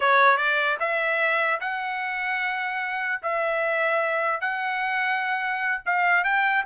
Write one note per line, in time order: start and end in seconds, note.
0.00 0.37 C#5
0.37 0.77 D5
0.79 1.60 E5
1.60 3.21 F#5
3.22 4.40 E5
4.40 5.81 F#5
5.85 6.24 F5
6.24 6.64 G5